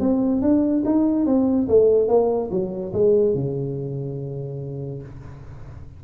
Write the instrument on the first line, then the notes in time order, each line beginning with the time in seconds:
tuba
0.00 C4
0.41 D4
0.85 D#4
1.26 C4
1.68 A3
2.08 A#3
2.51 F#3
2.93 G#3
3.34 C#3